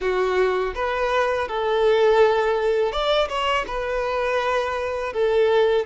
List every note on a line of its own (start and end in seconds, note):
0.00 0.74 F#4
0.74 1.47 B4
1.47 2.91 A4
2.91 3.28 D5
3.28 3.65 C#5
3.67 5.13 B4
5.13 5.85 A4